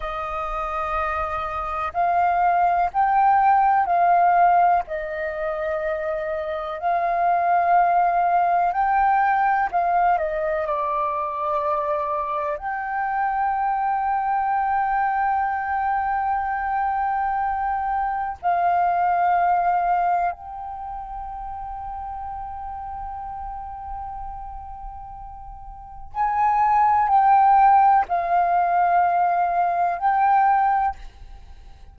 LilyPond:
\new Staff \with { instrumentName = "flute" } { \time 4/4 \tempo 4 = 62 dis''2 f''4 g''4 | f''4 dis''2 f''4~ | f''4 g''4 f''8 dis''8 d''4~ | d''4 g''2.~ |
g''2. f''4~ | f''4 g''2.~ | g''2. gis''4 | g''4 f''2 g''4 | }